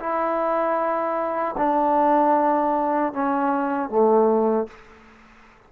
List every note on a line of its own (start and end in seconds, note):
0.00 1.56 E4
1.58 3.13 D4
3.13 3.90 C#4
3.90 4.68 A3